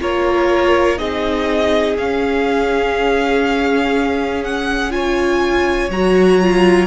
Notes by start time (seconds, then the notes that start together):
0.00 A#3 F4 A#4 C#5
0.98 C4 D#4 G#4 D#5
1.97 C#4 F5
4.44 F#5
4.90 F4 C#5 G#5
5.90 F#3 F#4 A#5
6.42 F4